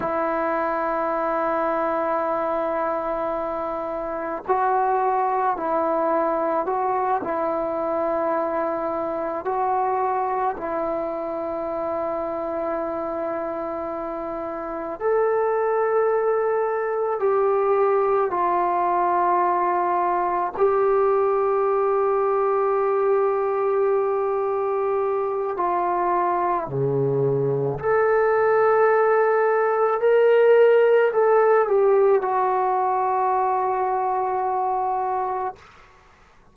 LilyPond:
\new Staff \with { instrumentName = "trombone" } { \time 4/4 \tempo 4 = 54 e'1 | fis'4 e'4 fis'8 e'4.~ | e'8 fis'4 e'2~ e'8~ | e'4. a'2 g'8~ |
g'8 f'2 g'4.~ | g'2. f'4 | cis4 a'2 ais'4 | a'8 g'8 fis'2. | }